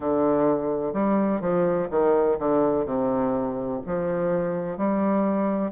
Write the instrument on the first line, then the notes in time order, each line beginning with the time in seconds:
bassoon
0.00 D3
0.93 G3
1.40 F3
1.90 D#3
2.38 D3
2.85 C3
3.86 F3
4.77 G3